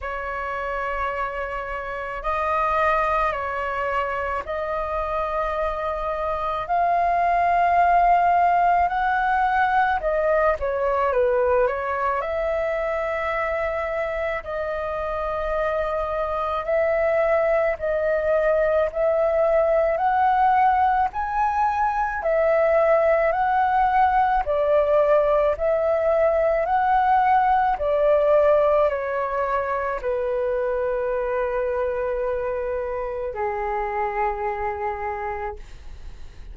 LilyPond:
\new Staff \with { instrumentName = "flute" } { \time 4/4 \tempo 4 = 54 cis''2 dis''4 cis''4 | dis''2 f''2 | fis''4 dis''8 cis''8 b'8 cis''8 e''4~ | e''4 dis''2 e''4 |
dis''4 e''4 fis''4 gis''4 | e''4 fis''4 d''4 e''4 | fis''4 d''4 cis''4 b'4~ | b'2 gis'2 | }